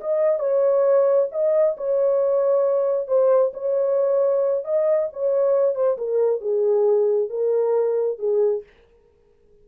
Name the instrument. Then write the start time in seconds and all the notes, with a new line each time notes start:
horn
0.00 D#5
0.39 C#5
1.32 D#5
1.77 C#5
3.07 C5
3.53 C#5
4.64 D#5
5.13 C#5
5.75 C5
5.98 A#4
6.41 G#4
7.29 A#4
8.19 G#4